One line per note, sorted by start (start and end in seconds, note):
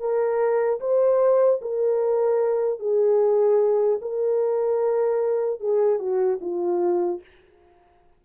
0.00 0.80 A#4
0.80 1.60 C5
1.62 2.80 A#4
2.80 4.00 G#4
4.02 5.60 A#4
5.60 6.00 G#4
6.00 6.40 F#4
6.41 7.21 F4